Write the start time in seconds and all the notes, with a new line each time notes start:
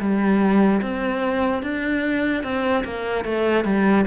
0.00 G3
0.82 C4
1.63 D4
2.44 C4
2.84 A#3
3.25 A3
3.65 G3